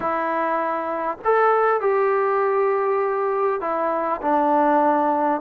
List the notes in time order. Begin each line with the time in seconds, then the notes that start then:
0.00 E4
1.24 A4
1.80 G4
3.60 E4
4.21 D4